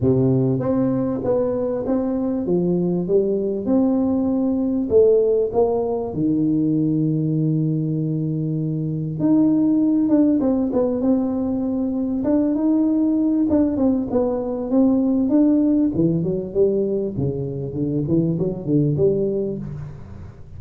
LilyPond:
\new Staff \with { instrumentName = "tuba" } { \time 4/4 \tempo 4 = 98 c4 c'4 b4 c'4 | f4 g4 c'2 | a4 ais4 dis2~ | dis2. dis'4~ |
dis'8 d'8 c'8 b8 c'2 | d'8 dis'4. d'8 c'8 b4 | c'4 d'4 e8 fis8 g4 | cis4 d8 e8 fis8 d8 g4 | }